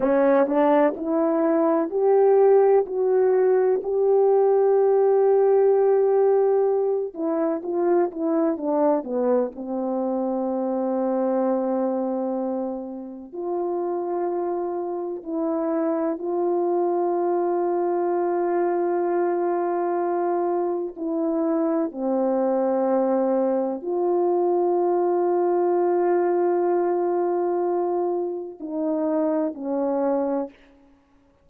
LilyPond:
\new Staff \with { instrumentName = "horn" } { \time 4/4 \tempo 4 = 63 cis'8 d'8 e'4 g'4 fis'4 | g'2.~ g'8 e'8 | f'8 e'8 d'8 b8 c'2~ | c'2 f'2 |
e'4 f'2.~ | f'2 e'4 c'4~ | c'4 f'2.~ | f'2 dis'4 cis'4 | }